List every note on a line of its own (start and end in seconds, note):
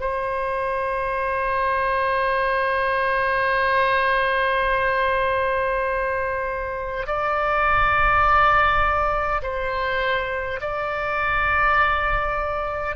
0.00 7.06 C5
7.06 9.42 D5
9.42 10.60 C5
10.60 12.96 D5